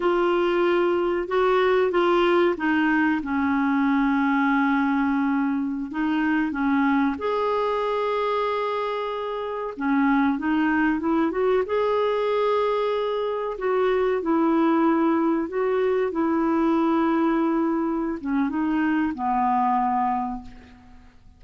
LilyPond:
\new Staff \with { instrumentName = "clarinet" } { \time 4/4 \tempo 4 = 94 f'2 fis'4 f'4 | dis'4 cis'2.~ | cis'4~ cis'16 dis'4 cis'4 gis'8.~ | gis'2.~ gis'16 cis'8.~ |
cis'16 dis'4 e'8 fis'8 gis'4.~ gis'16~ | gis'4~ gis'16 fis'4 e'4.~ e'16~ | e'16 fis'4 e'2~ e'8.~ | e'8 cis'8 dis'4 b2 | }